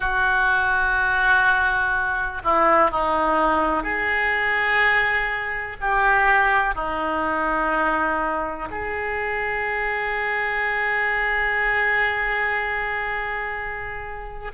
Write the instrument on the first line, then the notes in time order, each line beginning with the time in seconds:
oboe
0.00 F#4
2.44 E4
2.90 D#4
3.83 G#4
5.81 G4
6.74 D#4
8.71 G#4